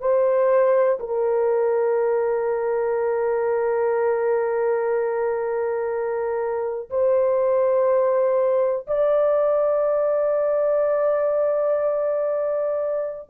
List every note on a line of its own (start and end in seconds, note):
0.00 0.98 C5
0.99 6.89 A#4
6.90 8.87 C5
8.87 13.29 D5